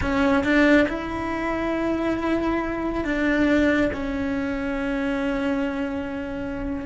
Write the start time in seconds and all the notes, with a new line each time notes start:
0.01 C#4
0.43 D4
0.88 E4
3.04 D4
3.93 C#4